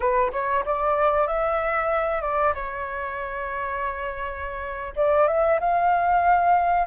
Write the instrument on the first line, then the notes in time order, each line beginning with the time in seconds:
flute
0.00 B4
0.32 C#5
0.65 D5
1.27 E5
2.21 D5
2.54 C#5
4.96 D5
5.27 E5
5.60 F5